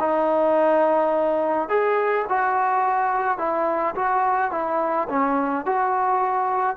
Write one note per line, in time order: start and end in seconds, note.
0.00 1.69 D#4
1.69 2.26 G#4
2.29 3.38 F#4
3.38 3.95 E4
3.96 4.52 F#4
4.52 5.08 E4
5.09 5.66 C#4
5.66 6.77 F#4